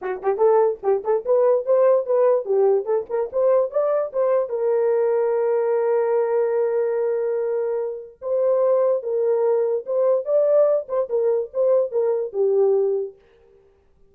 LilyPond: \new Staff \with { instrumentName = "horn" } { \time 4/4 \tempo 4 = 146 fis'8 g'8 a'4 g'8 a'8 b'4 | c''4 b'4 g'4 a'8 ais'8 | c''4 d''4 c''4 ais'4~ | ais'1~ |
ais'1 | c''2 ais'2 | c''4 d''4. c''8 ais'4 | c''4 ais'4 g'2 | }